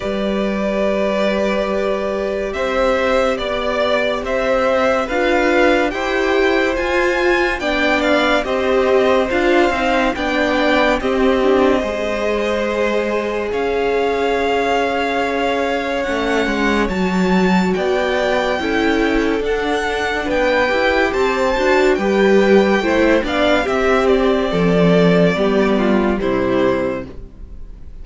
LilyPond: <<
  \new Staff \with { instrumentName = "violin" } { \time 4/4 \tempo 4 = 71 d''2. e''4 | d''4 e''4 f''4 g''4 | gis''4 g''8 f''8 dis''4 f''4 | g''4 dis''2. |
f''2. fis''4 | a''4 g''2 fis''4 | g''4 a''4 g''4. f''8 | e''8 d''2~ d''8 c''4 | }
  \new Staff \with { instrumentName = "violin" } { \time 4/4 b'2. c''4 | d''4 c''4 b'4 c''4~ | c''4 d''4 c''2 | d''4 g'4 c''2 |
cis''1~ | cis''4 d''4 a'2 | b'4 c''4 b'4 c''8 d''8 | g'4 a'4 g'8 f'8 e'4 | }
  \new Staff \with { instrumentName = "viola" } { \time 4/4 g'1~ | g'2 f'4 g'4 | f'4 d'4 g'4 f'8 dis'8 | d'4 c'8 d'8 gis'2~ |
gis'2. cis'4 | fis'2 e'4 d'4~ | d'8 g'4 fis'8 g'4 e'8 d'8 | c'2 b4 g4 | }
  \new Staff \with { instrumentName = "cello" } { \time 4/4 g2. c'4 | b4 c'4 d'4 e'4 | f'4 b4 c'4 d'8 c'8 | b4 c'4 gis2 |
cis'2. a8 gis8 | fis4 b4 cis'4 d'4 | b8 e'8 c'8 d'8 g4 a8 b8 | c'4 f4 g4 c4 | }
>>